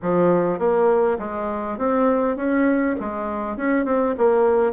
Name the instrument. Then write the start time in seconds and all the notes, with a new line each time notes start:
bassoon
0.01 F3
0.58 A#3
1.18 G#3
1.78 C4
2.36 C#4
3.00 G#3
3.56 C#4
3.85 C4
4.17 A#3